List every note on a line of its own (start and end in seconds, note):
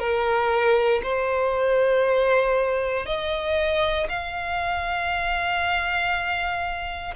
0.00 1.02 A#4
1.04 3.06 C5
3.06 4.08 D#5
4.10 7.15 F5